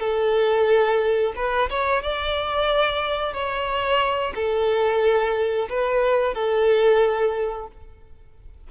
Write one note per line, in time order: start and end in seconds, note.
0.00 1.33 A4
1.36 1.69 B4
1.70 2.03 C#5
2.03 3.33 D5
3.33 4.33 C#5
4.35 5.68 A4
5.69 6.34 B4
6.34 7.67 A4